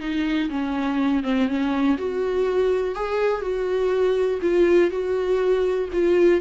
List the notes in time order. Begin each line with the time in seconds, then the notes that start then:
0.00 D#4
0.50 C#4
1.23 C4
1.48 C#4
1.97 F#4
2.95 G#4
3.41 F#4
4.42 F4
4.90 F#4
5.92 F4